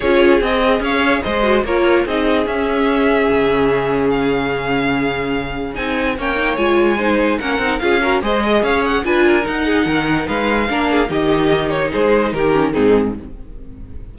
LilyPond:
<<
  \new Staff \with { instrumentName = "violin" } { \time 4/4 \tempo 4 = 146 cis''4 dis''4 f''4 dis''4 | cis''4 dis''4 e''2~ | e''2 f''2~ | f''2 gis''4 g''4 |
gis''2 fis''4 f''4 | dis''4 f''8 fis''8 gis''4 fis''4~ | fis''4 f''2 dis''4~ | dis''8 cis''8 c''4 ais'4 gis'4 | }
  \new Staff \with { instrumentName = "violin" } { \time 4/4 gis'2 cis''4 c''4 | ais'4 gis'2.~ | gis'1~ | gis'2. cis''4~ |
cis''4 c''4 ais'4 gis'8 ais'8 | c''8 dis''8 cis''4 b'8 ais'4 gis'8 | ais'4 b'4 ais'8 gis'8 g'4~ | g'4 gis'4 g'4 dis'4 | }
  \new Staff \with { instrumentName = "viola" } { \time 4/4 f'4 gis'2~ gis'8 fis'8 | f'4 dis'4 cis'2~ | cis'1~ | cis'2 dis'4 cis'8 dis'8 |
f'4 dis'4 cis'8 dis'8 f'8 fis'8 | gis'2 f'4 dis'4~ | dis'2 d'4 dis'4~ | dis'2~ dis'8 cis'8 c'4 | }
  \new Staff \with { instrumentName = "cello" } { \time 4/4 cis'4 c'4 cis'4 gis4 | ais4 c'4 cis'2 | cis1~ | cis2 c'4 ais4 |
gis2 ais8 c'8 cis'4 | gis4 cis'4 d'4 dis'4 | dis4 gis4 ais4 dis4~ | dis4 gis4 dis4 gis,4 | }
>>